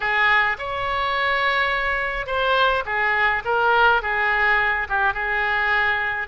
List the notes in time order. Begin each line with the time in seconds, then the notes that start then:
0.00 G#4
0.58 C#5
2.26 C5
2.85 G#4
3.44 A#4
4.02 G#4
4.88 G4
5.13 G#4